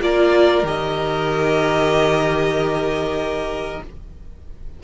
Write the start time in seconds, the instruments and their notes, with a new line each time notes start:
0.00 cello A#3, viola F4, violin A#4 D5
0.63 cello D#3, viola G4, violin D#5